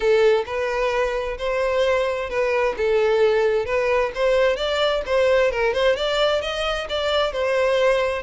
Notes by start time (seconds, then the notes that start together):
0.00 A4
0.46 B4
1.38 C5
2.29 B4
2.77 A4
3.65 B4
4.14 C5
4.56 D5
5.05 C5
5.51 A#4
5.73 C5
5.96 D5
6.41 D#5
6.89 D5
7.32 C5